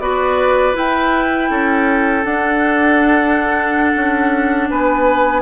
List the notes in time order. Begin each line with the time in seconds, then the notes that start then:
0.00 B3 F#4 B4 D5
0.74 E4 G5
1.50 C#4 A4
2.25 D4 F#5
3.96 C#4
4.70 B3 B4 G#5